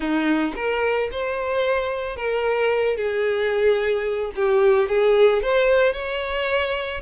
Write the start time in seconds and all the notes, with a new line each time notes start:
0.00 D#4
0.55 A#4
1.11 C5
2.16 A#4
2.96 G#4
4.35 G4
4.88 G#4
5.42 C5
5.93 C#5